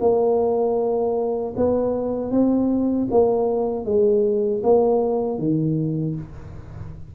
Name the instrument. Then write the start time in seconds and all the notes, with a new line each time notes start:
tuba
0.00 A#3
1.56 B3
2.31 C4
3.10 A#3
3.85 G#3
4.63 A#3
5.38 D#3